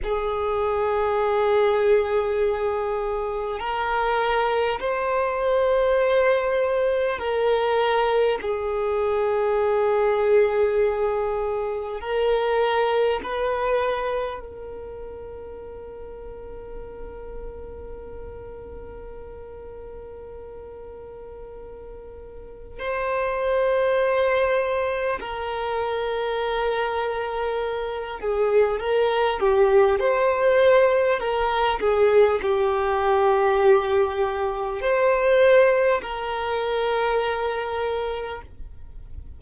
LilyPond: \new Staff \with { instrumentName = "violin" } { \time 4/4 \tempo 4 = 50 gis'2. ais'4 | c''2 ais'4 gis'4~ | gis'2 ais'4 b'4 | ais'1~ |
ais'2. c''4~ | c''4 ais'2~ ais'8 gis'8 | ais'8 g'8 c''4 ais'8 gis'8 g'4~ | g'4 c''4 ais'2 | }